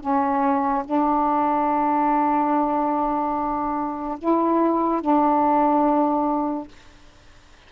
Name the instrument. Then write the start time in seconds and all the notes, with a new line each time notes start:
saxophone
0.00 C#4
0.85 D4
4.19 E4
5.01 D4